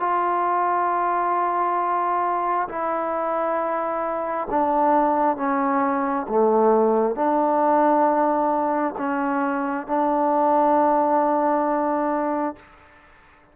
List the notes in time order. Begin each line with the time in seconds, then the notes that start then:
0.00 F4
2.69 E4
4.51 D4
5.37 C#4
6.29 A3
7.16 D4
8.98 C#4
9.87 D4